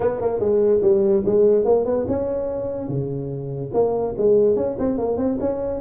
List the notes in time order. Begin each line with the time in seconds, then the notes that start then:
0.00 B3
0.21 A#3
0.39 G#3
0.82 G3
1.25 G#3
1.65 A#3
1.85 B3
2.07 C#4
2.88 C#3
3.73 A#3
4.17 G#3
4.55 C#4
4.78 C4
4.98 A#3
5.17 C4
5.40 C#4